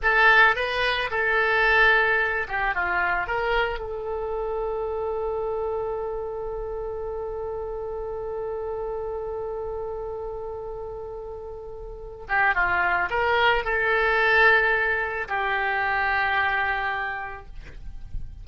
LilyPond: \new Staff \with { instrumentName = "oboe" } { \time 4/4 \tempo 4 = 110 a'4 b'4 a'2~ | a'8 g'8 f'4 ais'4 a'4~ | a'1~ | a'1~ |
a'1~ | a'2~ a'8 g'8 f'4 | ais'4 a'2. | g'1 | }